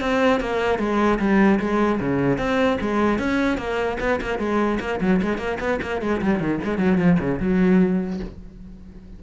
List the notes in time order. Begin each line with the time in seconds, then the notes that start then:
0.00 C4
0.40 A#3
0.78 G#3
1.19 G3
1.59 G#3
2.00 C#3
2.38 C4
2.80 G#3
3.18 C#4
3.57 A#3
3.99 B3
4.21 A#3
4.39 G#3
4.79 A#3
5.00 F#3
5.22 G#3
5.38 A#3
5.59 B3
5.82 A#3
6.01 G#3
6.21 G3
6.39 D#3
6.63 G#3
6.78 F#3
6.97 F3
7.19 C#3
7.40 F#3